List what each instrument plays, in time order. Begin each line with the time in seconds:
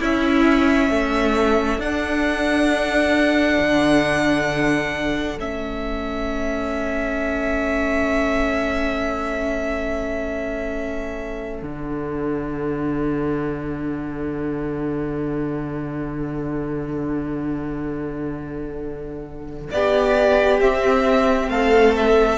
0.00 cello C#4, viola C#4, violin E4 E5
0.90 cello A3, violin A4
1.78 cello D4, viola D4, violin F#5
3.59 cello D3
5.38 cello A3, viola C#4, violin E5
11.62 cello D3, viola D4, violin F#5
19.71 cello B3, violin G4 D5
20.61 cello C4, viola C4, violin E5
21.48 cello A3, violin A4 F5
21.96 violin E5